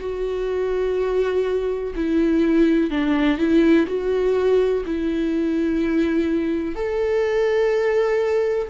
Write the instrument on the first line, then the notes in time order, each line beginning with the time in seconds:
viola
0.00 F#4
1.95 E4
2.90 D4
3.38 E4
3.87 F#4
4.86 E4
6.75 A4